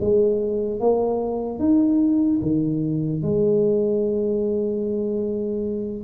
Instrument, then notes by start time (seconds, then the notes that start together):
tuba
0.00 G#3
0.80 A#3
1.59 D#4
2.42 D#3
3.22 G#3